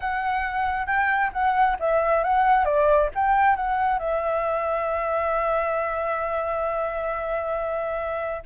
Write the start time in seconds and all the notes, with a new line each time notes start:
0.00 F#5
0.86 G5
1.32 F#5
1.79 E5
2.23 F#5
2.64 D5
3.14 G5
3.56 F#5
3.98 E5